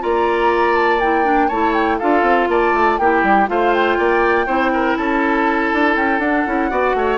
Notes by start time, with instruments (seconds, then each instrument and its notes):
0.00 bassoon A#3, clarinet F4, oboe D5, flute A#5
0.75 flute A5
1.00 clarinet E4, flute G5
1.24 clarinet D4
1.48 bassoon A3, clarinet E4, oboe C#5, flute A5
1.74 flute G5
1.98 bassoon D4, clarinet F4, oboe A4, flute F5
2.22 bassoon C4
2.48 bassoon A#3, oboe D5, flute A5
2.73 bassoon A3
2.98 bassoon A#3, clarinet E4, oboe G4, flute G5
3.23 bassoon G3
3.47 bassoon A3, clarinet F4, oboe C5, flute F5
3.74 flute G5
3.98 bassoon A#3, oboe D5
4.46 bassoon C4, clarinet E4, oboe C5
4.73 oboe A#4
4.96 bassoon C#4, oboe A4, flute A5
5.73 bassoon D4
5.95 bassoon C#4, flute G5
6.18 bassoon D4, clarinet D4, flute F#5
6.46 bassoon C#4, clarinet E4
6.70 bassoon B3, clarinet F#4, oboe D5
6.94 bassoon A3, oboe C#5